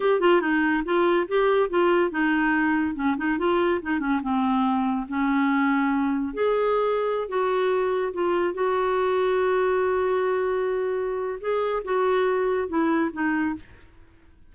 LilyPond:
\new Staff \with { instrumentName = "clarinet" } { \time 4/4 \tempo 4 = 142 g'8 f'8 dis'4 f'4 g'4 | f'4 dis'2 cis'8 dis'8 | f'4 dis'8 cis'8 c'2 | cis'2. gis'4~ |
gis'4~ gis'16 fis'2 f'8.~ | f'16 fis'2.~ fis'8.~ | fis'2. gis'4 | fis'2 e'4 dis'4 | }